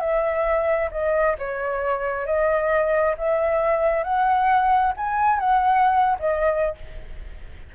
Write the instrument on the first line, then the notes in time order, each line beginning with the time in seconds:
flute
0.00 E5
0.91 D#5
1.38 C#5
2.26 D#5
3.18 E5
4.04 F#5
4.97 G#5
5.39 F#5
6.19 D#5